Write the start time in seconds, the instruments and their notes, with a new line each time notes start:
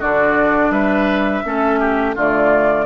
0.00 bassoon D3, clarinet D4, oboe F#4, flute D5
0.70 bassoon G3, oboe B4, flute E5
1.44 bassoon A3, clarinet C#4, oboe A4
1.80 oboe G4
2.15 bassoon D3, clarinet A3, oboe F4, flute D5